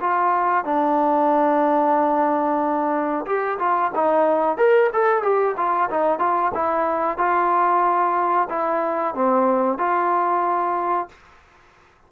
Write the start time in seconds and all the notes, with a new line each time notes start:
0.00 F4
0.65 D4
3.25 G4
3.59 F4
3.95 D#4
4.57 A#4
4.93 A4
5.22 G4
5.57 F4
5.90 D#4
6.19 F4
6.54 E4
7.17 F4
8.49 E4
9.15 C4
9.78 F4